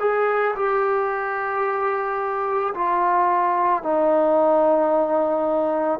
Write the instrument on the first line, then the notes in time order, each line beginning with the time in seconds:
trombone
0.00 G#4
0.56 G4
2.74 F4
3.82 D#4